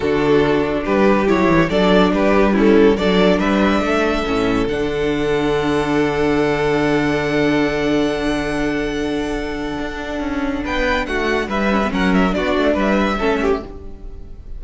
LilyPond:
<<
  \new Staff \with { instrumentName = "violin" } { \time 4/4 \tempo 4 = 141 a'2 b'4 cis''4 | d''4 b'4 a'4 d''4 | e''2. fis''4~ | fis''1~ |
fis''1~ | fis''1~ | fis''4 g''4 fis''4 e''4 | fis''8 e''8 d''4 e''2 | }
  \new Staff \with { instrumentName = "violin" } { \time 4/4 fis'2 g'2 | a'4 g'4 e'4 a'4 | b'4 a'2.~ | a'1~ |
a'1~ | a'1~ | a'4 b'4 fis'4 b'4 | ais'4 fis'4 b'4 a'8 g'8 | }
  \new Staff \with { instrumentName = "viola" } { \time 4/4 d'2. e'4 | d'2 cis'4 d'4~ | d'2 cis'4 d'4~ | d'1~ |
d'1~ | d'1~ | d'2.~ d'8 cis'16 b16 | cis'4 d'2 cis'4 | }
  \new Staff \with { instrumentName = "cello" } { \time 4/4 d2 g4 fis8 e8 | fis4 g2 fis4 | g4 a4 a,4 d4~ | d1~ |
d1~ | d2. d'4 | cis'4 b4 a4 g4 | fis4 b8 a8 g4 a4 | }
>>